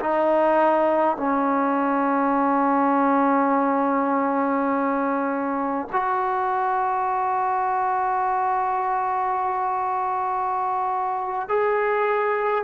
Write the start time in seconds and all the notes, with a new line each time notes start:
0.00 D#4
1.17 C#4
5.93 F#4
11.49 G#4